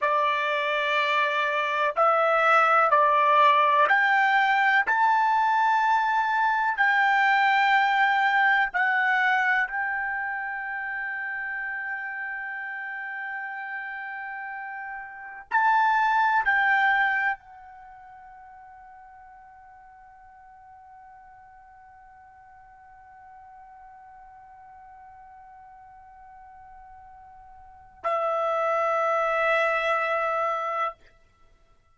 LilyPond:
\new Staff \with { instrumentName = "trumpet" } { \time 4/4 \tempo 4 = 62 d''2 e''4 d''4 | g''4 a''2 g''4~ | g''4 fis''4 g''2~ | g''1 |
a''4 g''4 fis''2~ | fis''1~ | fis''1~ | fis''4 e''2. | }